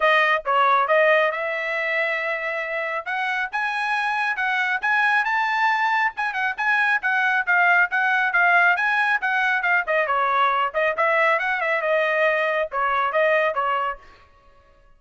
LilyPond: \new Staff \with { instrumentName = "trumpet" } { \time 4/4 \tempo 4 = 137 dis''4 cis''4 dis''4 e''4~ | e''2. fis''4 | gis''2 fis''4 gis''4 | a''2 gis''8 fis''8 gis''4 |
fis''4 f''4 fis''4 f''4 | gis''4 fis''4 f''8 dis''8 cis''4~ | cis''8 dis''8 e''4 fis''8 e''8 dis''4~ | dis''4 cis''4 dis''4 cis''4 | }